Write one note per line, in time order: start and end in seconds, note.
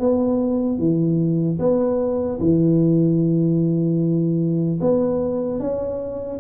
0.00 0.79 B3
0.79 1.59 E3
1.59 2.39 B3
2.40 4.80 E3
4.81 5.60 B3
5.60 6.40 C#4